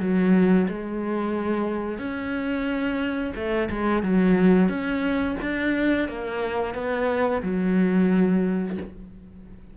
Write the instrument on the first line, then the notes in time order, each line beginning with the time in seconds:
cello
0.00 F#3
0.69 G#3
1.99 C#4
3.36 A3
3.70 G#3
4.03 F#3
4.69 C#4
5.42 D4
6.08 A#3
6.74 B3
7.42 F#3